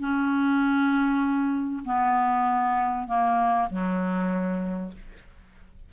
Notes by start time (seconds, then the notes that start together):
0.00 C#4
1.85 B3
3.08 A#3
3.70 F#3